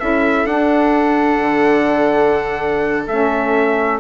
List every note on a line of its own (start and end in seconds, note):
0.00 0.45 C#4
0.00 0.48 E4
0.00 4.00 A4
0.00 0.47 E5
0.45 1.40 D4
0.45 3.08 D4
0.45 3.06 F#5
1.41 3.07 D3
3.07 4.00 A3
3.07 4.00 C#4
3.07 4.00 E5